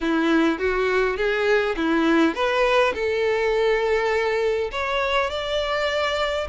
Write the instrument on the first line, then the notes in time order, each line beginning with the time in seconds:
violin
0.01 E4
0.59 F#4
1.16 G#4
1.76 E4
2.34 B4
2.94 A4
4.71 C#5
5.29 D5